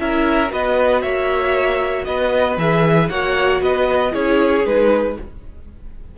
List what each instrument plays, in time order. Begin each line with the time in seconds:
0.00 cello C#4, viola E4, violin A#4 E5
0.48 cello B3, viola F#4, violin B4 D#5
1.02 cello A#3, violin C#5 E5
2.05 cello B3, violin B4 D#5
2.58 cello E3, viola G#4, violin E5
3.10 cello A#3, viola F#4, violin C#5 F#5
3.62 cello B3, violin B4 D#5
4.11 cello C#4, viola E4, violin G#4 C#5
4.66 cello G#3, viola D#4, violin B4